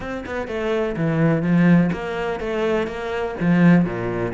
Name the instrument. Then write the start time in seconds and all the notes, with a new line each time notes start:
cello
0.00 C4
0.26 B3
0.47 A3
0.96 E3
1.42 F3
1.92 A#3
2.40 A3
2.87 A#3
3.40 F3
3.84 A#2